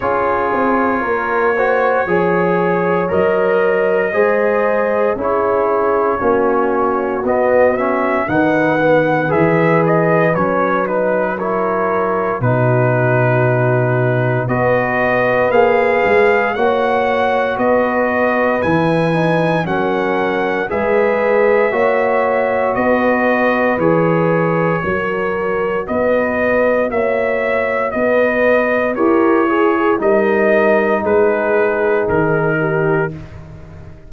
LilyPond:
<<
  \new Staff \with { instrumentName = "trumpet" } { \time 4/4 \tempo 4 = 58 cis''2. dis''4~ | dis''4 cis''2 dis''8 e''8 | fis''4 e''8 dis''8 cis''8 b'8 cis''4 | b'2 dis''4 f''4 |
fis''4 dis''4 gis''4 fis''4 | e''2 dis''4 cis''4~ | cis''4 dis''4 e''4 dis''4 | cis''4 dis''4 b'4 ais'4 | }
  \new Staff \with { instrumentName = "horn" } { \time 4/4 gis'4 ais'8 c''8 cis''2 | c''4 gis'4 fis'2 | b'2. ais'4 | fis'2 b'2 |
cis''4 b'2 ais'4 | b'4 cis''4 b'2 | ais'4 b'4 cis''4 b'4 | ais'8 gis'8 ais'4 gis'4. g'8 | }
  \new Staff \with { instrumentName = "trombone" } { \time 4/4 f'4. fis'8 gis'4 ais'4 | gis'4 e'4 cis'4 b8 cis'8 | dis'8 b8 gis'4 cis'8 dis'8 e'4 | dis'2 fis'4 gis'4 |
fis'2 e'8 dis'8 cis'4 | gis'4 fis'2 gis'4 | fis'1 | g'8 gis'8 dis'2. | }
  \new Staff \with { instrumentName = "tuba" } { \time 4/4 cis'8 c'8 ais4 f4 fis4 | gis4 cis'4 ais4 b4 | dis4 e4 fis2 | b,2 b4 ais8 gis8 |
ais4 b4 e4 fis4 | gis4 ais4 b4 e4 | fis4 b4 ais4 b4 | e'4 g4 gis4 dis4 | }
>>